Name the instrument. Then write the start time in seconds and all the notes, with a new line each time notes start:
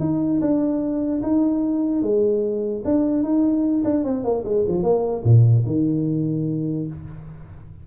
tuba
0.00 D#4
0.41 D4
1.22 D#4
2.02 G#3
2.85 D4
3.23 D#4
3.84 D4
4.04 C4
4.24 A#3
4.45 G#3
4.68 F3
4.83 A#3
5.24 A#2
5.66 D#3